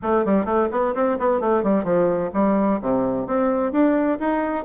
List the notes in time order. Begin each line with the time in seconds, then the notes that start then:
0.02 A3
0.25 G3
0.45 A3
0.71 B3
0.94 C4
1.18 B3
1.40 A3
1.63 G3
1.84 F3
2.33 G3
2.81 C3
3.26 C4
3.72 D4
4.19 D#4